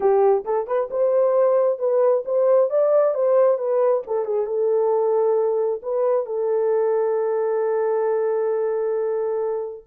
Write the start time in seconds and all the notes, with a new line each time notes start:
0.00 G4
0.44 A4
0.67 B4
0.90 C5
1.78 B4
2.25 C5
2.69 D5
3.14 C5
3.58 B4
4.06 A4
4.25 G#4
4.46 A4
5.82 B4
6.26 A4